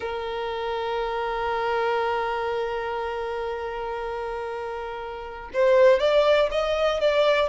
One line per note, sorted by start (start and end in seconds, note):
0.00 5.50 A#4
5.53 5.99 C5
5.99 6.49 D5
6.51 7.00 D#5
7.00 7.49 D5